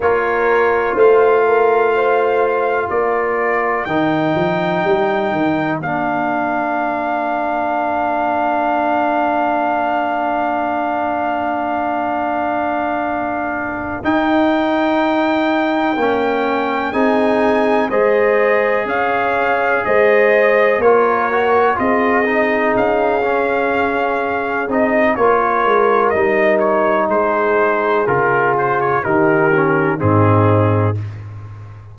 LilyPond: <<
  \new Staff \with { instrumentName = "trumpet" } { \time 4/4 \tempo 4 = 62 cis''4 f''2 d''4 | g''2 f''2~ | f''1~ | f''2~ f''8 g''4.~ |
g''4. gis''4 dis''4 f''8~ | f''8 dis''4 cis''4 dis''4 f''8~ | f''4. dis''8 cis''4 dis''8 cis''8 | c''4 ais'8 c''16 cis''16 ais'4 gis'4 | }
  \new Staff \with { instrumentName = "horn" } { \time 4/4 ais'4 c''8 ais'8 c''4 ais'4~ | ais'1~ | ais'1~ | ais'1~ |
ais'4. gis'4 c''4 cis''8~ | cis''8 c''4 ais'4 gis'4.~ | gis'2 ais'2 | gis'2 g'4 dis'4 | }
  \new Staff \with { instrumentName = "trombone" } { \time 4/4 f'1 | dis'2 d'2~ | d'1~ | d'2~ d'8 dis'4.~ |
dis'8 cis'4 dis'4 gis'4.~ | gis'4. f'8 fis'8 f'8 dis'4 | cis'4. dis'8 f'4 dis'4~ | dis'4 f'4 dis'8 cis'8 c'4 | }
  \new Staff \with { instrumentName = "tuba" } { \time 4/4 ais4 a2 ais4 | dis8 f8 g8 dis8 ais2~ | ais1~ | ais2~ ais8 dis'4.~ |
dis'8 ais4 c'4 gis4 cis'8~ | cis'8 gis4 ais4 c'4 cis'8~ | cis'4. c'8 ais8 gis8 g4 | gis4 cis4 dis4 gis,4 | }
>>